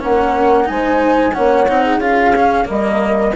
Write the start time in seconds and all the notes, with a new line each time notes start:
0.00 A#3 C#4 A#4 F#5
0.65 G#3 D#4 G#5
0.71 C5
1.34 A#3 C#4 C#5 F#5
1.69 C4 D#4
1.84 G#4
1.98 C#4 F4 F5
2.36 C#4
2.65 G3 A#3 A#4 D#5